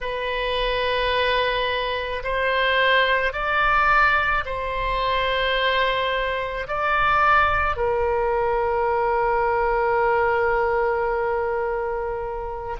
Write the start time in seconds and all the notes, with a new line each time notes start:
0.00 B4
2.23 C5
3.32 D5
4.44 C5
6.67 D5
7.76 A#4